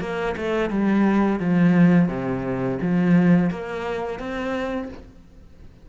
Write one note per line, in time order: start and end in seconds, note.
0.00 0.35 A#3
0.36 0.70 A3
0.70 1.39 G3
1.39 2.08 F3
2.08 2.78 C3
2.81 3.50 F3
3.50 4.19 A#3
4.19 4.89 C4